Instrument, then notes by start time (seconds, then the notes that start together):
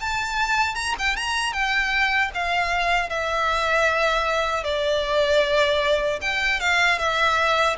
violin
0.00 A5
0.75 A#5
0.98 G5
1.16 A#5
1.53 G5
2.34 F5
3.09 E5
4.64 D5
6.21 G5
6.60 F5
6.98 E5